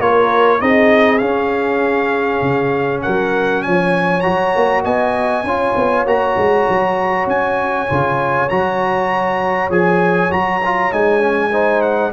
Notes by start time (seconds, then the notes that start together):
0.00 A#3 F4 A#4 C#5
0.60 C4 D#4 G#4 D#5
1.18 C#4 F5
2.42 C#3
3.02 F#3 A#4 F#5
3.63 F3 C#5 G#5
4.21 F#3 F#4 A#5
4.56 A#3
4.85 B3 D#5 G#5
5.44 C#4 F4 C#5
5.76 B3
6.06 A#3 F#4 A#5
6.37 G#3
6.69 F#3
7.27 C#4 G#5
7.89 C#3 F4
8.49 F#3 F#4 A#5
9.70 F3 G#4 G#5
10.30 F#3 F#4 A#5
10.65 F4
10.92 G#3 D#4 G#5
11.20 C#4
11.52 D#4 C5
11.82 F#5